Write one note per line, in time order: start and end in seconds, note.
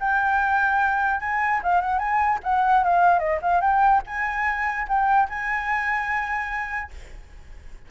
0.00 1.21 G5
1.21 1.61 G#5
1.63 1.81 F5
1.81 1.99 F#5
1.99 2.39 G#5
2.44 2.84 F#5
2.84 3.19 F5
3.19 3.39 D#5
3.42 3.61 F5
3.61 4.02 G5
4.07 4.88 G#5
4.88 5.29 G5
5.29 6.91 G#5